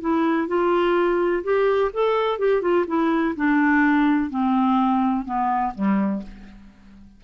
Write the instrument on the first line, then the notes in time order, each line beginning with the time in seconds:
clarinet
0.00 E4
0.47 F4
1.44 G4
1.93 A4
2.39 G4
2.61 F4
2.87 E4
3.35 D4
4.30 C4
5.25 B3
5.74 G3